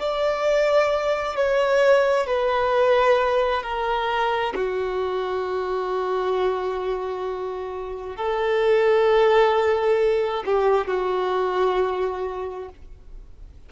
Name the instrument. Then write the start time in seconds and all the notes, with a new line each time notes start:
violin
0.00 D5
1.36 C#5
2.27 B4
3.63 A#4
4.55 F#4
8.17 A4
10.46 G4
10.88 F#4